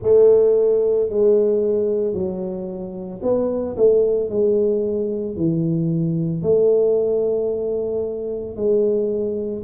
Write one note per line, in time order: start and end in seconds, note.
0.02 1.09 A3
1.09 2.13 G#3
2.13 3.20 F#3
3.22 3.75 B3
3.76 4.29 A3
4.29 5.36 G#3
5.36 6.42 E3
6.42 8.56 A3
8.56 9.63 G#3